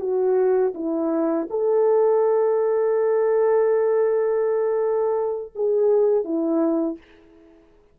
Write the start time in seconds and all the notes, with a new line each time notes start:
0.00 F#4
0.74 E4
1.50 A4
5.55 G#4
6.24 E4